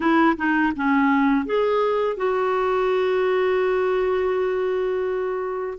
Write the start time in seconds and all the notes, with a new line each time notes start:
0.00 E4
0.36 D#4
0.76 C#4
1.45 G#4
2.17 F#4